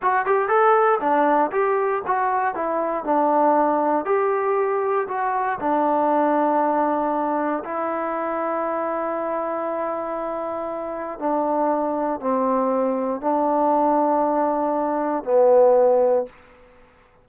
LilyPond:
\new Staff \with { instrumentName = "trombone" } { \time 4/4 \tempo 4 = 118 fis'8 g'8 a'4 d'4 g'4 | fis'4 e'4 d'2 | g'2 fis'4 d'4~ | d'2. e'4~ |
e'1~ | e'2 d'2 | c'2 d'2~ | d'2 b2 | }